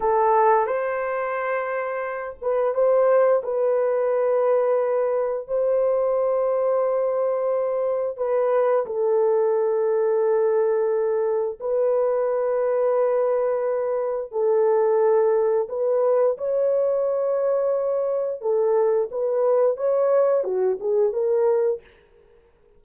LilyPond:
\new Staff \with { instrumentName = "horn" } { \time 4/4 \tempo 4 = 88 a'4 c''2~ c''8 b'8 | c''4 b'2. | c''1 | b'4 a'2.~ |
a'4 b'2.~ | b'4 a'2 b'4 | cis''2. a'4 | b'4 cis''4 fis'8 gis'8 ais'4 | }